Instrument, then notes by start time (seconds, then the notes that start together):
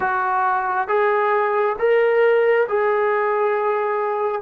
trombone
0.00 F#4
0.87 G#4
1.78 A#4
2.68 G#4